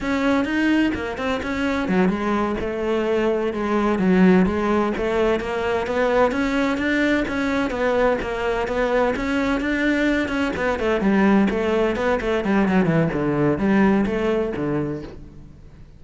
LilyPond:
\new Staff \with { instrumentName = "cello" } { \time 4/4 \tempo 4 = 128 cis'4 dis'4 ais8 c'8 cis'4 | fis8 gis4 a2 gis8~ | gis8 fis4 gis4 a4 ais8~ | ais8 b4 cis'4 d'4 cis'8~ |
cis'8 b4 ais4 b4 cis'8~ | cis'8 d'4. cis'8 b8 a8 g8~ | g8 a4 b8 a8 g8 fis8 e8 | d4 g4 a4 d4 | }